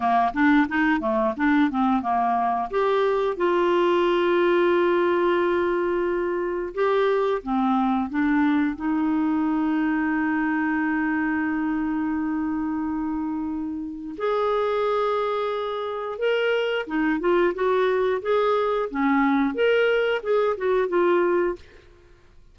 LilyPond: \new Staff \with { instrumentName = "clarinet" } { \time 4/4 \tempo 4 = 89 ais8 d'8 dis'8 a8 d'8 c'8 ais4 | g'4 f'2.~ | f'2 g'4 c'4 | d'4 dis'2.~ |
dis'1~ | dis'4 gis'2. | ais'4 dis'8 f'8 fis'4 gis'4 | cis'4 ais'4 gis'8 fis'8 f'4 | }